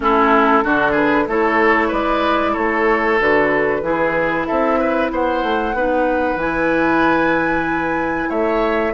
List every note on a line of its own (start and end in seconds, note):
0.00 0.64 A3
0.00 0.63 C#4
0.00 0.64 E4
0.00 0.95 A4
0.63 1.27 D3
0.63 1.27 D4
0.63 0.91 F#4
0.91 1.23 G#4
0.91 1.27 B4
1.27 1.91 A3
1.27 3.19 E4
1.27 1.88 A4
1.27 1.92 C#5
1.88 2.55 G#3
1.88 2.51 B4
1.88 2.55 D5
2.52 3.19 A3
2.52 3.80 A4
2.52 3.18 C#5
3.19 3.82 D3
3.19 3.83 F#4
3.19 4.45 B4
3.82 4.46 E3
3.82 5.74 E4
3.82 4.47 G#4
4.45 5.11 C4
4.45 4.79 A4
4.45 5.09 E5
4.79 5.11 B4
5.11 5.42 B3
5.11 5.76 C5
5.11 6.39 F#5
5.42 5.73 A3
5.73 6.35 B3
5.73 6.39 D#4
5.73 8.29 B4
6.35 8.27 E3
6.35 8.93 E4
6.35 8.30 G#5
8.29 8.93 A3
8.29 8.93 C#5
8.29 8.93 E5